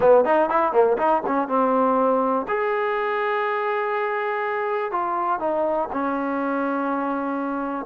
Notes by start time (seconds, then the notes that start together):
0.00 B3
0.25 D#4
0.49 E4
0.72 A#3
0.97 D#4
1.26 C#4
1.48 C4
2.47 G#4
4.91 F4
5.39 D#4
5.92 C#4